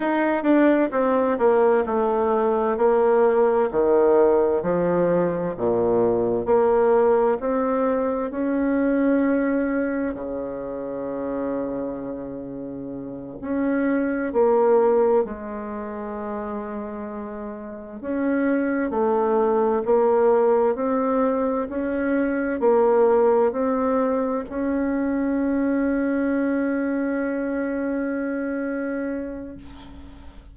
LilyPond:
\new Staff \with { instrumentName = "bassoon" } { \time 4/4 \tempo 4 = 65 dis'8 d'8 c'8 ais8 a4 ais4 | dis4 f4 ais,4 ais4 | c'4 cis'2 cis4~ | cis2~ cis8 cis'4 ais8~ |
ais8 gis2. cis'8~ | cis'8 a4 ais4 c'4 cis'8~ | cis'8 ais4 c'4 cis'4.~ | cis'1 | }